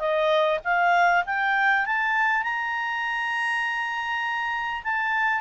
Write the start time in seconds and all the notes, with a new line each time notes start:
0.00 D#5
0.64 F5
1.26 G5
1.86 A5
2.44 A#5
4.84 A5